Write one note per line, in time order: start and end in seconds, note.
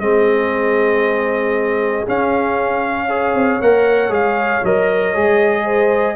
0.00 2.05 G#3
0.00 2.06 C4
0.00 3.07 G#4
0.00 2.05 D#5
2.06 3.08 C#4
2.06 3.34 C#4
2.06 3.61 F5
3.07 3.60 G#4
3.07 5.63 C#5
3.34 3.60 C4
3.61 4.09 A#3
3.61 4.09 A#4
3.61 4.12 F#5
4.09 4.60 G#3
4.09 4.61 G#4
4.09 4.64 F5
4.63 5.15 F#3
4.63 5.14 A#4
4.63 6.16 D#5
5.14 6.16 G#3
5.14 6.16 G#4
5.64 6.15 C5